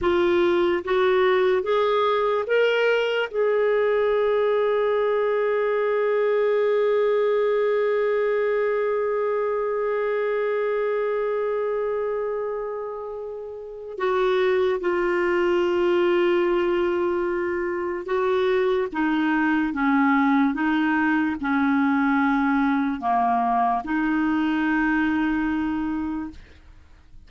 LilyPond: \new Staff \with { instrumentName = "clarinet" } { \time 4/4 \tempo 4 = 73 f'4 fis'4 gis'4 ais'4 | gis'1~ | gis'1~ | gis'1~ |
gis'4 fis'4 f'2~ | f'2 fis'4 dis'4 | cis'4 dis'4 cis'2 | ais4 dis'2. | }